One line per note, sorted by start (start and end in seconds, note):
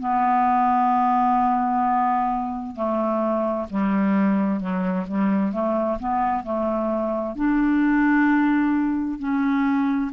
0.00 2.76 B3
2.76 3.68 A3
3.70 4.61 G3
4.61 5.07 F#3
5.08 5.53 G3
5.53 5.99 A3
6.00 6.44 B3
6.44 7.36 A3
7.36 9.19 D4
9.19 10.12 C#4